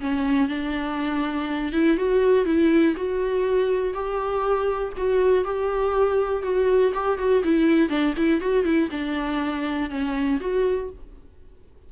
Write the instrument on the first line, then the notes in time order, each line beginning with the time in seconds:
viola
0.00 C#4
0.48 D4
1.72 E4
1.97 F#4
2.45 E4
2.96 F#4
3.93 G4
4.97 F#4
5.44 G4
6.43 F#4
6.94 G4
7.18 F#4
7.43 E4
7.89 D4
8.17 E4
8.41 F#4
8.64 E4
8.91 D4
9.90 C#4
10.40 F#4